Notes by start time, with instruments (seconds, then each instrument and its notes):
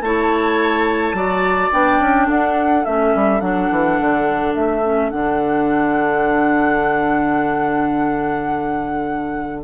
0.00 bassoon A3, clarinet E4, oboe C#5, flute A5
1.13 bassoon F#3, clarinet F#4, oboe D5
1.71 bassoon B3, clarinet D4, flute G5
1.99 bassoon C#4
2.27 bassoon D4, oboe A4, flute F#5
2.85 bassoon A3, clarinet C#4, flute E5
3.15 bassoon G3
3.40 bassoon F#3, clarinet D4, flute F#5
3.70 bassoon E3
4.00 bassoon D3
4.54 bassoon A3, flute E5
4.83 clarinet C#4
5.10 bassoon D3, clarinet D4, flute F#5